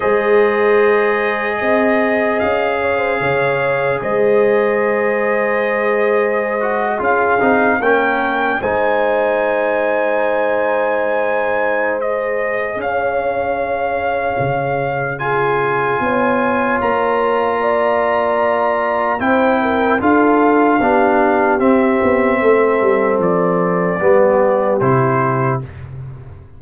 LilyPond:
<<
  \new Staff \with { instrumentName = "trumpet" } { \time 4/4 \tempo 4 = 75 dis''2. f''4~ | f''4 dis''2.~ | dis''8. f''4 g''4 gis''4~ gis''16~ | gis''2. dis''4 |
f''2. gis''4~ | gis''4 ais''2. | g''4 f''2 e''4~ | e''4 d''2 c''4 | }
  \new Staff \with { instrumentName = "horn" } { \time 4/4 c''2 dis''4. cis''16 c''16 | cis''4 c''2.~ | c''8. gis'4 ais'4 c''4~ c''16~ | c''1 |
cis''2. gis'4 | cis''2 d''2 | c''8 ais'8 a'4 g'2 | a'2 g'2 | }
  \new Staff \with { instrumentName = "trombone" } { \time 4/4 gis'1~ | gis'1~ | gis'16 fis'8 f'8 dis'8 cis'4 dis'4~ dis'16~ | dis'2. gis'4~ |
gis'2. f'4~ | f'1 | e'4 f'4 d'4 c'4~ | c'2 b4 e'4 | }
  \new Staff \with { instrumentName = "tuba" } { \time 4/4 gis2 c'4 cis'4 | cis4 gis2.~ | gis8. cis'8 c'8 ais4 gis4~ gis16~ | gis1 |
cis'2 cis2 | b4 ais2. | c'4 d'4 b4 c'8 b8 | a8 g8 f4 g4 c4 | }
>>